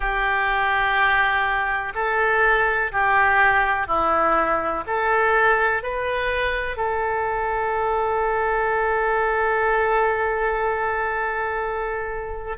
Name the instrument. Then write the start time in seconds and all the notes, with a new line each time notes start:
oboe
0.00 G4
1.94 A4
2.92 G4
3.87 E4
4.86 A4
5.82 B4
6.76 A4